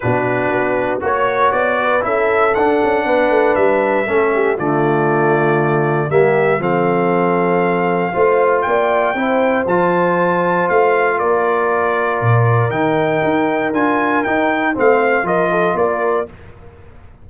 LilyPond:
<<
  \new Staff \with { instrumentName = "trumpet" } { \time 4/4 \tempo 4 = 118 b'2 cis''4 d''4 | e''4 fis''2 e''4~ | e''4 d''2. | e''4 f''2.~ |
f''4 g''2 a''4~ | a''4 f''4 d''2~ | d''4 g''2 gis''4 | g''4 f''4 dis''4 d''4 | }
  \new Staff \with { instrumentName = "horn" } { \time 4/4 fis'2 cis''4. b'8 | a'2 b'2 | a'8 g'8 f'2. | g'4 a'2. |
c''4 d''4 c''2~ | c''2 ais'2~ | ais'1~ | ais'4 c''4 ais'8 a'8 ais'4 | }
  \new Staff \with { instrumentName = "trombone" } { \time 4/4 d'2 fis'2 | e'4 d'2. | cis'4 a2. | ais4 c'2. |
f'2 e'4 f'4~ | f'1~ | f'4 dis'2 f'4 | dis'4 c'4 f'2 | }
  \new Staff \with { instrumentName = "tuba" } { \time 4/4 b,4 b4 ais4 b4 | cis'4 d'8 cis'8 b8 a8 g4 | a4 d2. | g4 f2. |
a4 ais4 c'4 f4~ | f4 a4 ais2 | ais,4 dis4 dis'4 d'4 | dis'4 a4 f4 ais4 | }
>>